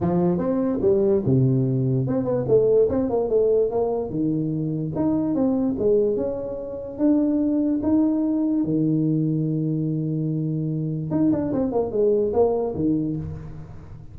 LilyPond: \new Staff \with { instrumentName = "tuba" } { \time 4/4 \tempo 4 = 146 f4 c'4 g4 c4~ | c4 c'8 b8 a4 c'8 ais8 | a4 ais4 dis2 | dis'4 c'4 gis4 cis'4~ |
cis'4 d'2 dis'4~ | dis'4 dis2.~ | dis2. dis'8 d'8 | c'8 ais8 gis4 ais4 dis4 | }